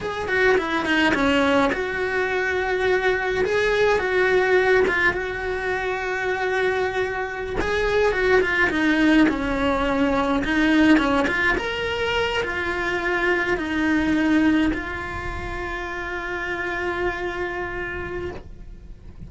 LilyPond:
\new Staff \with { instrumentName = "cello" } { \time 4/4 \tempo 4 = 105 gis'8 fis'8 e'8 dis'8 cis'4 fis'4~ | fis'2 gis'4 fis'4~ | fis'8 f'8 fis'2.~ | fis'4~ fis'16 gis'4 fis'8 f'8 dis'8.~ |
dis'16 cis'2 dis'4 cis'8 f'16~ | f'16 ais'4. f'2 dis'16~ | dis'4.~ dis'16 f'2~ f'16~ | f'1 | }